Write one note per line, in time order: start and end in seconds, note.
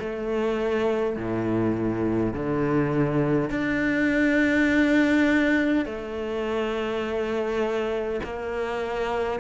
0.00 1.17 A3
1.17 2.34 A2
2.34 3.50 D3
3.50 5.86 D4
5.86 8.21 A3
8.24 9.40 A#3